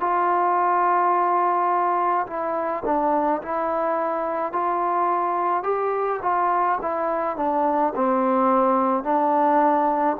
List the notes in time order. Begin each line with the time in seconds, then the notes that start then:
0.00 F4
2.26 E4
2.85 D4
3.42 E4
4.52 F4
5.63 G4
6.22 F4
6.82 E4
7.36 D4
7.95 C4
9.03 D4